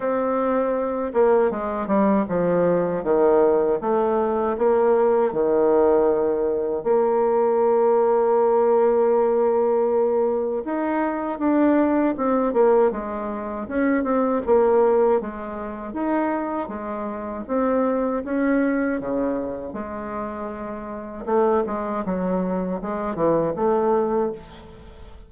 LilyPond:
\new Staff \with { instrumentName = "bassoon" } { \time 4/4 \tempo 4 = 79 c'4. ais8 gis8 g8 f4 | dis4 a4 ais4 dis4~ | dis4 ais2.~ | ais2 dis'4 d'4 |
c'8 ais8 gis4 cis'8 c'8 ais4 | gis4 dis'4 gis4 c'4 | cis'4 cis4 gis2 | a8 gis8 fis4 gis8 e8 a4 | }